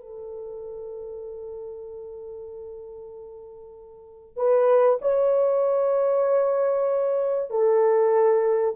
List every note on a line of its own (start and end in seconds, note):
0.00 4.36 A4
4.36 4.99 B4
5.01 7.50 C#5
7.50 8.75 A4